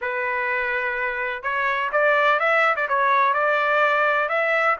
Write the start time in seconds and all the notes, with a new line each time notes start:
0.01 B4
1.43 C#5
1.92 D5
2.39 E5
2.76 D5
2.88 C#5
3.33 D5
4.29 E5